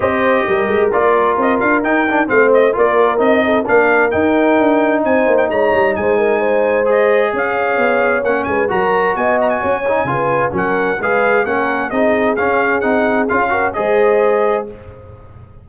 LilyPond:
<<
  \new Staff \with { instrumentName = "trumpet" } { \time 4/4 \tempo 4 = 131 dis''2 d''4 dis''8 f''8 | g''4 f''8 dis''8 d''4 dis''4 | f''4 g''2 gis''8. g''16 | ais''4 gis''2 dis''4 |
f''2 fis''8 gis''8 ais''4 | gis''8 ais''16 gis''2~ gis''16 fis''4 | f''4 fis''4 dis''4 f''4 | fis''4 f''4 dis''2 | }
  \new Staff \with { instrumentName = "horn" } { \time 4/4 c''4 ais'2.~ | ais'4 c''4 ais'4. a'8 | ais'2. c''4 | cis''4 c''8 ais'8 c''2 |
cis''2~ cis''8 b'8 ais'4 | dis''4 cis''4 b'4 ais'4 | b'4 ais'4 gis'2~ | gis'4. ais'8 c''2 | }
  \new Staff \with { instrumentName = "trombone" } { \time 4/4 g'2 f'2 | dis'8 d'8 c'4 f'4 dis'4 | d'4 dis'2.~ | dis'2. gis'4~ |
gis'2 cis'4 fis'4~ | fis'4. dis'8 f'4 cis'4 | gis'4 cis'4 dis'4 cis'4 | dis'4 f'8 fis'8 gis'2 | }
  \new Staff \with { instrumentName = "tuba" } { \time 4/4 c'4 g8 gis8 ais4 c'8 d'8 | dis'4 a4 ais4 c'4 | ais4 dis'4 d'4 c'8 ais8 | gis8 g8 gis2. |
cis'4 b4 ais8 gis8 fis4 | b4 cis'4 cis4 fis4 | gis4 ais4 c'4 cis'4 | c'4 cis'4 gis2 | }
>>